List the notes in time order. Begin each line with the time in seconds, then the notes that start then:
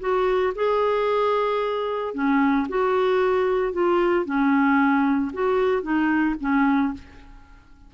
0.00 F#4
0.55 G#4
2.14 C#4
2.69 F#4
3.73 F4
4.25 C#4
5.33 F#4
5.82 D#4
6.40 C#4